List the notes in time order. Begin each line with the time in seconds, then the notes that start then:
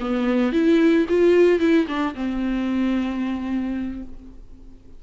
0.00 B3
0.52 E4
1.09 F4
1.59 E4
1.88 D4
2.15 C4